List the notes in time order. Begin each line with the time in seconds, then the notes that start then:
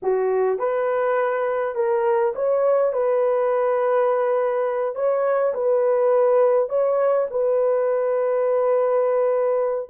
0.02 F#4
0.58 B4
1.75 A#4
2.35 C#5
2.92 B4
4.95 C#5
5.54 B4
6.69 C#5
7.30 B4